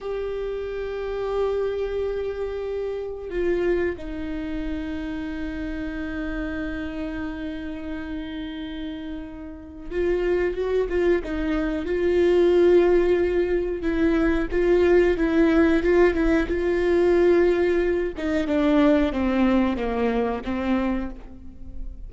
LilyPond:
\new Staff \with { instrumentName = "viola" } { \time 4/4 \tempo 4 = 91 g'1~ | g'4 f'4 dis'2~ | dis'1~ | dis'2. f'4 |
fis'8 f'8 dis'4 f'2~ | f'4 e'4 f'4 e'4 | f'8 e'8 f'2~ f'8 dis'8 | d'4 c'4 ais4 c'4 | }